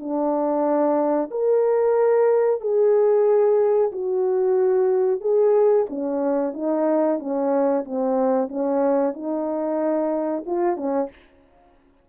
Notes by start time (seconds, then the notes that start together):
0.00 D4
1.31 A#4
2.61 G#4
3.92 F#4
5.21 G#4
5.90 C#4
6.54 D#4
7.19 C#4
7.85 C4
8.49 C#4
9.14 D#4
10.46 F4
10.77 C#4